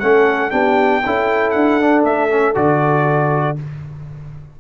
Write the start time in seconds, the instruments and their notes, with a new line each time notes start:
0.00 tuba A3, trombone C#4, horn A4, trumpet F#5
0.51 tuba B3, trombone D4, horn G4, trumpet G5
1.06 tuba C#4, trombone E4, horn A4
1.51 tuba D4, trumpet F#5
1.81 trombone D4
2.04 tuba A3, trumpet E5
2.30 trombone C#4
2.55 tuba D3, trombone F#4, trumpet D5